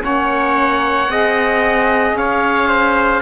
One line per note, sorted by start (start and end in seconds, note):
0.00 1.08 A#3
0.00 1.07 C#4
0.00 1.10 C#5
0.00 2.17 F#5
1.08 2.13 C4
1.08 3.22 G#4
1.08 2.18 D#5
2.13 3.20 C#4
2.13 2.67 C#5
2.13 3.22 F5
2.67 3.21 C5